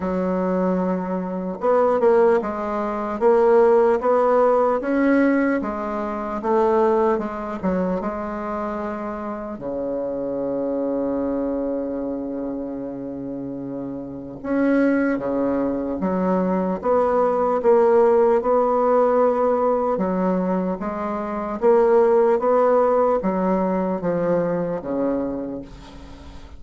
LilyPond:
\new Staff \with { instrumentName = "bassoon" } { \time 4/4 \tempo 4 = 75 fis2 b8 ais8 gis4 | ais4 b4 cis'4 gis4 | a4 gis8 fis8 gis2 | cis1~ |
cis2 cis'4 cis4 | fis4 b4 ais4 b4~ | b4 fis4 gis4 ais4 | b4 fis4 f4 cis4 | }